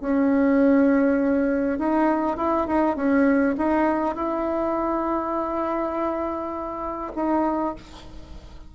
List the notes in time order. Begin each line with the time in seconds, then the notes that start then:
0.00 C#4
1.78 D#4
2.37 E4
2.67 D#4
2.96 C#4
3.57 D#4
4.15 E4
7.15 D#4